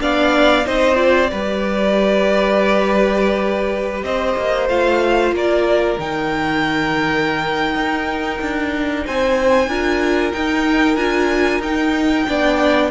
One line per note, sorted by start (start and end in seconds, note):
0.00 0.66 B3
0.00 0.65 D4
0.00 0.67 D5
0.00 0.67 F5
0.66 1.32 C4
0.66 0.96 D#4
0.66 1.31 C5
0.66 0.96 D#5
0.96 1.28 F4
0.96 4.02 D5
1.31 4.04 G3
1.31 4.69 G4
1.31 4.05 B4
4.04 4.36 C4
4.04 5.35 C5
4.04 4.69 D#5
4.38 4.69 A#3
4.69 5.33 A3
4.69 5.98 F4
4.69 5.34 F5
5.33 5.97 A#3
5.33 9.06 A#4
5.33 6.00 D5
5.99 7.75 D#3
5.99 9.70 D#4
5.99 9.06 G5
7.75 8.40 D#4
8.42 9.06 D4
9.06 9.68 C4
9.06 9.69 C5
9.06 10.33 G#5
9.68 10.32 D4
9.68 10.34 F4
9.68 12.27 A#4
10.33 10.98 D#4
10.33 10.96 D#4
10.33 10.97 G5
10.96 11.60 D4
10.96 11.62 F4
10.96 11.62 G#5
11.60 12.25 D#4
11.60 12.28 D#4
11.60 12.91 G5
12.28 12.91 B3
12.28 12.91 D4
12.28 12.91 D5